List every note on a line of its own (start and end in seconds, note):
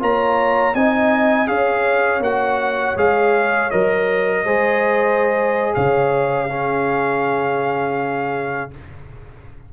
0.00 0.75 A#3
0.00 0.74 F4
0.00 0.75 C#5
0.00 0.75 A#5
0.75 1.49 C4
0.75 1.47 D#4
0.75 1.49 D#5
0.75 1.48 G#5
1.47 2.21 C#4
1.47 2.21 G#4
1.47 4.45 C#5
1.47 2.22 F5
2.21 2.95 A#3
2.21 2.97 F#4
2.21 2.98 F#5
2.96 3.71 G#3
2.96 3.71 G#4
2.96 3.71 F5
3.71 4.45 F#3
3.71 4.46 A#4
3.71 5.75 D#5
4.45 5.75 G#3
4.45 6.49 G#4
4.45 5.74 C5
5.75 8.73 C#3
5.75 6.49 C#5
5.75 8.71 F5
6.49 8.71 C#4
6.49 8.72 G#4